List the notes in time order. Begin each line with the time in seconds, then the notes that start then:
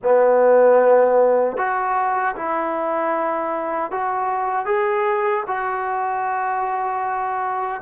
0.02 B3
1.57 F#4
2.35 E4
3.91 F#4
4.65 G#4
5.47 F#4